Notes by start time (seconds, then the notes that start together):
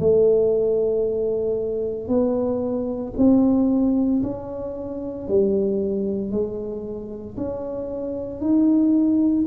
0.00 A3
2.09 B3
3.17 C4
4.23 C#4
5.28 G3
6.32 G#3
7.37 C#4
8.41 D#4